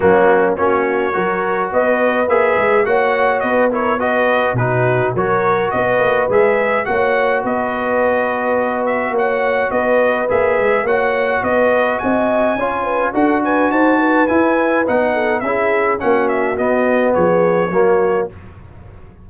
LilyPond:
<<
  \new Staff \with { instrumentName = "trumpet" } { \time 4/4 \tempo 4 = 105 fis'4 cis''2 dis''4 | e''4 fis''4 dis''8 cis''8 dis''4 | b'4 cis''4 dis''4 e''4 | fis''4 dis''2~ dis''8 e''8 |
fis''4 dis''4 e''4 fis''4 | dis''4 gis''2 fis''8 gis''8 | a''4 gis''4 fis''4 e''4 | fis''8 e''8 dis''4 cis''2 | }
  \new Staff \with { instrumentName = "horn" } { \time 4/4 cis'4 fis'4 ais'4 b'4~ | b'4 cis''4 b'8 ais'8 b'4 | fis'4 ais'4 b'2 | cis''4 b'2. |
cis''4 b'2 cis''4 | b'4 dis''4 cis''8 b'8 a'8 b'8 | c''8 b'2 a'8 gis'4 | fis'2 gis'4 fis'4 | }
  \new Staff \with { instrumentName = "trombone" } { \time 4/4 ais4 cis'4 fis'2 | gis'4 fis'4. e'8 fis'4 | dis'4 fis'2 gis'4 | fis'1~ |
fis'2 gis'4 fis'4~ | fis'2 f'4 fis'4~ | fis'4 e'4 dis'4 e'4 | cis'4 b2 ais4 | }
  \new Staff \with { instrumentName = "tuba" } { \time 4/4 fis4 ais4 fis4 b4 | ais8 gis8 ais4 b2 | b,4 fis4 b8 ais8 gis4 | ais4 b2. |
ais4 b4 ais8 gis8 ais4 | b4 c'4 cis'4 d'4 | dis'4 e'4 b4 cis'4 | ais4 b4 f4 fis4 | }
>>